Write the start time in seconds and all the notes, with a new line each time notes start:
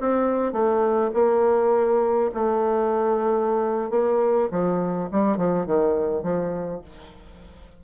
0.00 C4
0.52 A3
1.14 A#3
2.34 A3
3.90 A#3
4.51 F3
5.11 G3
5.36 F3
5.66 D#3
6.23 F3